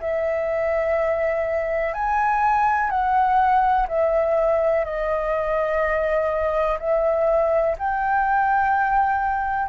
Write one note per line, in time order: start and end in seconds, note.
0.00 1.94 E5
1.94 2.90 G#5
2.90 3.87 F#5
3.88 4.85 E5
4.85 6.78 D#5
6.79 7.76 E5
7.78 9.69 G5